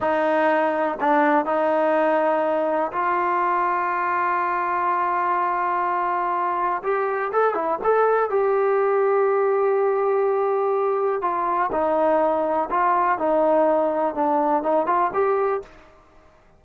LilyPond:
\new Staff \with { instrumentName = "trombone" } { \time 4/4 \tempo 4 = 123 dis'2 d'4 dis'4~ | dis'2 f'2~ | f'1~ | f'2 g'4 a'8 e'8 |
a'4 g'2.~ | g'2. f'4 | dis'2 f'4 dis'4~ | dis'4 d'4 dis'8 f'8 g'4 | }